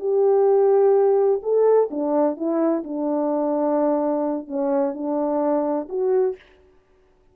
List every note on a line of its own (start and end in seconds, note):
0.00 1.41 G4
1.43 1.89 A4
1.91 2.37 D4
2.37 2.84 E4
2.84 4.48 D4
4.48 4.94 C#4
4.94 5.88 D4
5.89 6.36 F#4